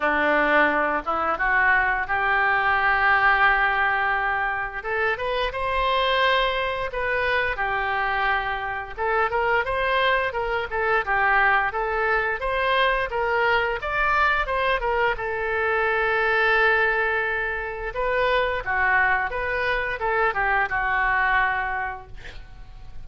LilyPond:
\new Staff \with { instrumentName = "oboe" } { \time 4/4 \tempo 4 = 87 d'4. e'8 fis'4 g'4~ | g'2. a'8 b'8 | c''2 b'4 g'4~ | g'4 a'8 ais'8 c''4 ais'8 a'8 |
g'4 a'4 c''4 ais'4 | d''4 c''8 ais'8 a'2~ | a'2 b'4 fis'4 | b'4 a'8 g'8 fis'2 | }